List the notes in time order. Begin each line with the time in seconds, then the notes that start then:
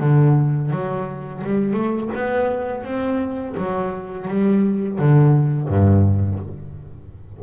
0.00 D3
0.71 F#3
1.44 G3
1.74 A3
2.15 B3
2.84 C4
3.57 F#3
4.28 G3
4.99 D3
5.69 G2